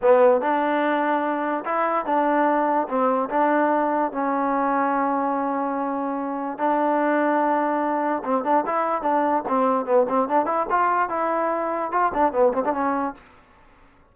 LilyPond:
\new Staff \with { instrumentName = "trombone" } { \time 4/4 \tempo 4 = 146 b4 d'2. | e'4 d'2 c'4 | d'2 cis'2~ | cis'1 |
d'1 | c'8 d'8 e'4 d'4 c'4 | b8 c'8 d'8 e'8 f'4 e'4~ | e'4 f'8 d'8 b8 c'16 d'16 cis'4 | }